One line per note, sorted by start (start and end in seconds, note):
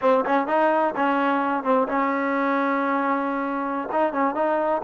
0.01 0.24 C4
0.25 0.47 C#4
0.47 0.94 D#4
0.96 1.63 C#4
1.63 1.87 C4
1.87 3.88 C#4
3.91 4.12 D#4
4.12 4.35 C#4
4.35 4.82 D#4